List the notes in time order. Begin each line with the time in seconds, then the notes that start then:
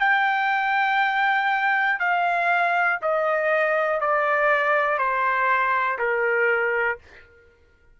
0.00 G5
2.00 F5
3.02 D#5
4.00 D5
4.98 C5
5.99 A#4